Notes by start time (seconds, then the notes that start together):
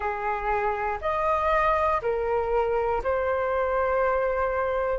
0.00 G#4
1.01 D#5
2.01 A#4
3.03 C5